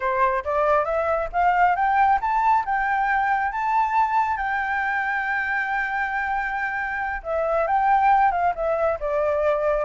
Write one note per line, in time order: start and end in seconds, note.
0.00 0.44 C5
0.44 0.84 D5
0.84 1.28 E5
1.32 1.75 F5
1.75 2.19 G5
2.21 2.64 A5
2.65 3.52 G5
3.52 4.37 A5
4.37 7.22 G5
7.23 7.67 E5
7.67 8.31 G5
8.31 8.53 F5
8.55 8.99 E5
9.00 9.85 D5